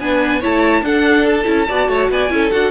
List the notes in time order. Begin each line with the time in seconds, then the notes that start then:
0.00 B3 D4 B4 G#5
0.40 A3 E4 C#5 A5
0.81 D4 A4 F#5
1.26 A5
1.45 C#4 E4
1.68 B3 F#4 D5
1.88 A3 C#5
2.10 B3 D5 G#5
2.30 C#4 E4 A4
2.51 D4 F#4 F#5